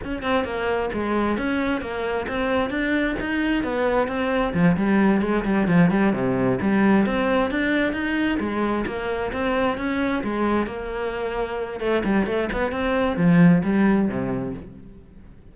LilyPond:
\new Staff \with { instrumentName = "cello" } { \time 4/4 \tempo 4 = 132 cis'8 c'8 ais4 gis4 cis'4 | ais4 c'4 d'4 dis'4 | b4 c'4 f8 g4 gis8 | g8 f8 g8 c4 g4 c'8~ |
c'8 d'4 dis'4 gis4 ais8~ | ais8 c'4 cis'4 gis4 ais8~ | ais2 a8 g8 a8 b8 | c'4 f4 g4 c4 | }